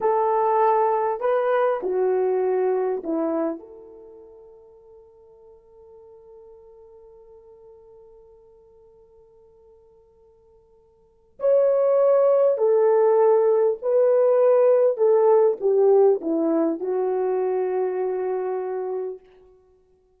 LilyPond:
\new Staff \with { instrumentName = "horn" } { \time 4/4 \tempo 4 = 100 a'2 b'4 fis'4~ | fis'4 e'4 a'2~ | a'1~ | a'1~ |
a'2. cis''4~ | cis''4 a'2 b'4~ | b'4 a'4 g'4 e'4 | fis'1 | }